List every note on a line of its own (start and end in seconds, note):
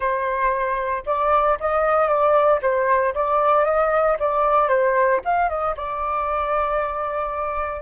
0.00 1.03 C5
1.06 1.58 D5
1.60 2.08 D#5
2.08 2.60 D5
2.61 3.14 C5
3.14 3.65 D5
3.65 4.17 D#5
4.19 4.68 D5
4.68 5.20 C5
5.24 5.49 F5
5.49 5.75 D#5
5.76 7.81 D5